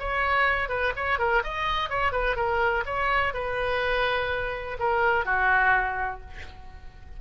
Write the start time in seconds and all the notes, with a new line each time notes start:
0.00 C#5
0.69 B4
0.96 C#5
1.19 A#4
1.44 D#5
1.90 C#5
2.13 B4
2.36 A#4
2.86 C#5
3.34 B4
4.80 A#4
5.26 F#4